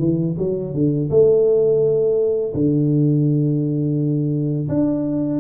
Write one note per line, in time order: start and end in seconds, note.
0.00 0.36 E3
0.38 0.74 F#3
0.74 1.10 D3
1.11 2.54 A3
2.55 4.69 D3
4.69 5.40 D4